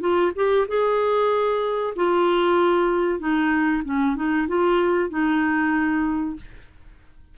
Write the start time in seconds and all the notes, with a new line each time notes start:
0.00 F4
0.35 G4
0.67 G#4
1.96 F4
3.19 D#4
3.84 C#4
4.16 D#4
4.47 F4
5.10 D#4